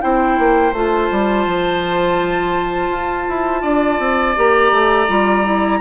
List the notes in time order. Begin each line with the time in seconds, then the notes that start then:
0.00 C4 E4 C5 G5
0.39 A#3
0.73 A3 F4 A5
1.11 G3
1.46 F3
2.90 F4
3.29 E4
3.62 D4 D5
3.99 C4
4.36 A#3 G4 A#5
4.72 A3
5.08 G3 F4
5.44 E4